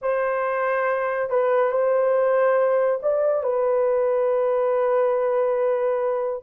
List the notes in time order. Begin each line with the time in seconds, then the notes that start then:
0.01 C5
1.29 B4
1.71 C5
3.02 D5
3.43 B4